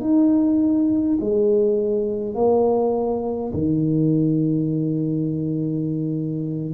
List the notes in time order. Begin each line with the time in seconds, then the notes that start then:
0.00 D#4
1.20 G#3
2.34 A#3
3.53 D#3